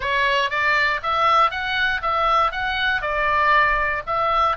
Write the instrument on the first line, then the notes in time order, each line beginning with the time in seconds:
oboe
0.00 C#5
0.50 D5
1.02 E5
1.50 F#5
2.02 E5
2.51 F#5
3.01 D5
4.06 E5